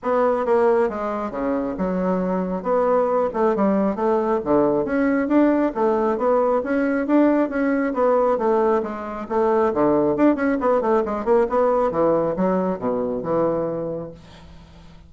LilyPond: \new Staff \with { instrumentName = "bassoon" } { \time 4/4 \tempo 4 = 136 b4 ais4 gis4 cis4 | fis2 b4. a8 | g4 a4 d4 cis'4 | d'4 a4 b4 cis'4 |
d'4 cis'4 b4 a4 | gis4 a4 d4 d'8 cis'8 | b8 a8 gis8 ais8 b4 e4 | fis4 b,4 e2 | }